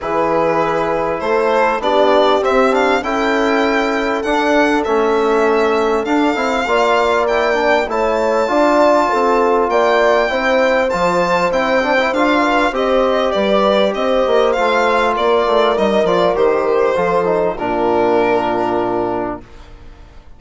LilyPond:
<<
  \new Staff \with { instrumentName = "violin" } { \time 4/4 \tempo 4 = 99 b'2 c''4 d''4 | e''8 f''8 g''2 fis''4 | e''2 f''2 | g''4 a''2. |
g''2 a''4 g''4 | f''4 dis''4 d''4 dis''4 | f''4 d''4 dis''8 d''8 c''4~ | c''4 ais'2. | }
  \new Staff \with { instrumentName = "horn" } { \time 4/4 gis'2 a'4 g'4~ | g'4 a'2.~ | a'2. d''4~ | d''4 cis''4 d''4 a'4 |
d''4 c''2.~ | c''8 b'8 c''4 b'4 c''4~ | c''4 ais'2. | a'4 f'2. | }
  \new Staff \with { instrumentName = "trombone" } { \time 4/4 e'2. d'4 | c'8 d'8 e'2 d'4 | cis'2 d'8 e'8 f'4 | e'8 d'8 e'4 f'2~ |
f'4 e'4 f'4 e'8 d'16 e'16 | f'4 g'2. | f'2 dis'8 f'8 g'4 | f'8 dis'8 d'2. | }
  \new Staff \with { instrumentName = "bassoon" } { \time 4/4 e2 a4 b4 | c'4 cis'2 d'4 | a2 d'8 c'8 ais4~ | ais4 a4 d'4 c'4 |
ais4 c'4 f4 c'4 | d'4 c'4 g4 c'8 ais8 | a4 ais8 a8 g8 f8 dis4 | f4 ais,2. | }
>>